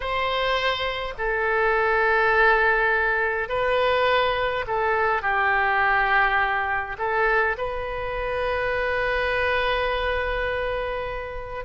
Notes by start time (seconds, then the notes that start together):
0.00 C5
1.18 A4
3.48 B4
4.67 A4
5.22 G4
6.98 A4
7.57 B4